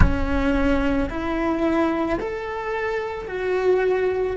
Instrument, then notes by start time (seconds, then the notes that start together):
cello
0.00 C#4
1.09 E4
2.19 A4
3.27 F#4